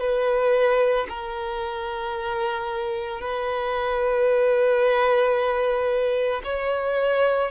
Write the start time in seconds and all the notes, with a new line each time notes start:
0.00 B4
1.09 A#4
3.21 B4
6.44 C#5